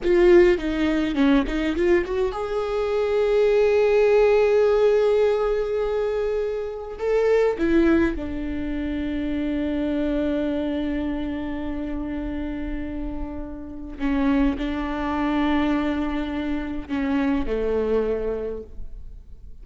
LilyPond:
\new Staff \with { instrumentName = "viola" } { \time 4/4 \tempo 4 = 103 f'4 dis'4 cis'8 dis'8 f'8 fis'8 | gis'1~ | gis'1 | a'4 e'4 d'2~ |
d'1~ | d'1 | cis'4 d'2.~ | d'4 cis'4 a2 | }